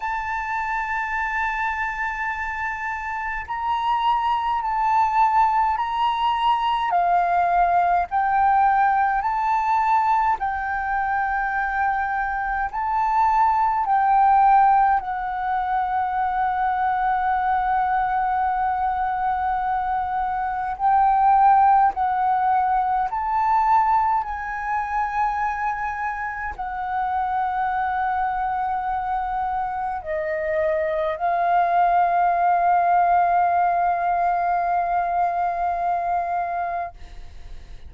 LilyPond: \new Staff \with { instrumentName = "flute" } { \time 4/4 \tempo 4 = 52 a''2. ais''4 | a''4 ais''4 f''4 g''4 | a''4 g''2 a''4 | g''4 fis''2.~ |
fis''2 g''4 fis''4 | a''4 gis''2 fis''4~ | fis''2 dis''4 f''4~ | f''1 | }